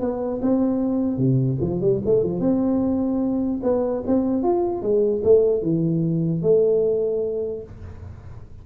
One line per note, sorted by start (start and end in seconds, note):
0.00 0.40 B3
0.42 1.17 C4
1.17 1.58 C3
1.61 1.81 F3
1.81 2.01 G3
2.05 2.23 A3
2.23 2.40 F3
2.40 3.61 C4
3.63 4.03 B3
4.06 4.43 C4
4.43 4.82 F4
4.82 5.22 G#3
5.23 5.62 A3
5.62 6.42 E3
6.42 7.63 A3